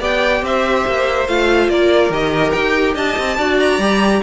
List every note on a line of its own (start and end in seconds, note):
0.00 0.42 B3
0.00 1.27 G4
0.00 0.43 D5
0.00 0.45 G5
0.42 0.85 C4
0.42 1.71 C5
0.42 1.28 E5
0.87 1.29 A#3
1.28 1.69 A3
1.28 2.12 F4
1.28 1.70 F5
1.69 2.10 A#3
1.69 2.95 A#4
1.69 2.12 D5
2.10 2.52 D#3
2.10 3.39 G4
2.10 2.52 D#5
2.52 2.95 D#4
2.52 2.94 G5
2.95 3.16 D4
2.95 3.37 D#5
2.95 3.60 A5
3.19 3.38 C4
3.38 3.79 D4
3.38 3.81 F#4
3.38 4.23 D5
3.60 4.23 A#5
3.79 4.21 G3
3.79 4.23 G4